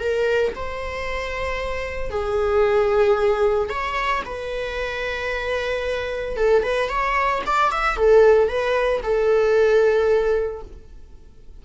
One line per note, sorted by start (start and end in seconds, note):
0.00 0.53 A#4
0.56 2.10 C5
2.10 3.70 G#4
3.70 4.23 C#5
4.25 6.37 B4
6.37 6.63 A4
6.63 6.89 B4
6.89 7.42 C#5
7.46 7.71 D5
7.71 7.97 E5
7.97 8.48 A4
8.48 9.01 B4
9.03 10.63 A4